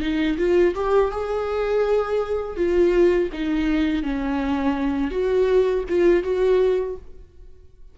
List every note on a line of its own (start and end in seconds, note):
0.00 0.37 D#4
0.37 0.74 F4
0.74 1.11 G4
1.11 2.56 G#4
2.56 3.29 F4
3.32 4.02 D#4
4.02 5.10 C#4
5.10 5.83 F#4
5.88 6.23 F4
6.23 6.96 F#4